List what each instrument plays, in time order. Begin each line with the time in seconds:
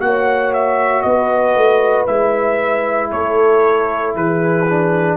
0.00 tuba A#3, trombone F#4, horn C#5, trumpet F#5
0.53 trumpet E5
1.02 tuba B3, horn B4, trumpet D#5
1.55 tuba A3
2.07 tuba G#3, trombone E4, trumpet E5
3.11 tuba A3, horn A4, trumpet C#5
4.15 tuba E3, horn G#4, trumpet B4
4.69 trombone D4